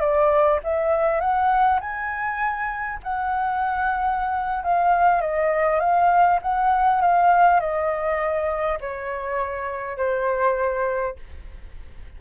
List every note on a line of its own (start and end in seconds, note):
0.00 0.59 D5
0.63 1.20 E5
1.20 1.80 F#5
1.80 2.99 G#5
3.03 4.63 F#5
4.63 5.21 F5
5.21 5.80 D#5
5.80 6.39 F5
6.42 7.01 F#5
7.01 7.60 F5
7.60 8.79 D#5
8.81 9.97 C#5
9.97 11.16 C5